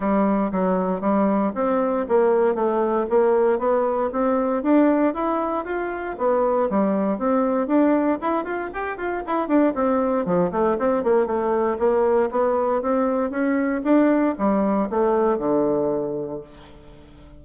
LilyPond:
\new Staff \with { instrumentName = "bassoon" } { \time 4/4 \tempo 4 = 117 g4 fis4 g4 c'4 | ais4 a4 ais4 b4 | c'4 d'4 e'4 f'4 | b4 g4 c'4 d'4 |
e'8 f'8 g'8 f'8 e'8 d'8 c'4 | f8 a8 c'8 ais8 a4 ais4 | b4 c'4 cis'4 d'4 | g4 a4 d2 | }